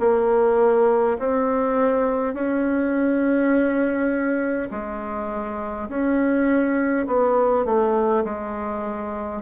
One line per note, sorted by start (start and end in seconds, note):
0.00 1.18 A#3
1.19 2.34 C4
2.34 4.70 C#4
4.71 5.89 G#3
5.89 7.06 C#4
7.07 7.65 B3
7.65 8.24 A3
8.25 9.42 G#3